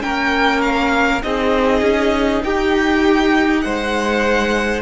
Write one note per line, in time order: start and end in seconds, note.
0.00 1.23 A#3
0.00 1.20 C#4
0.00 1.24 A#4
0.00 0.61 G5
0.61 1.21 F5
1.22 1.81 C4
1.22 4.81 D#4
1.22 2.44 G#4
1.22 2.42 D#5
1.81 2.41 C#4
2.44 3.65 D#4
2.44 3.63 G4
2.44 3.61 G5
3.61 4.81 G#3
3.61 4.81 C5
3.61 4.81 F#5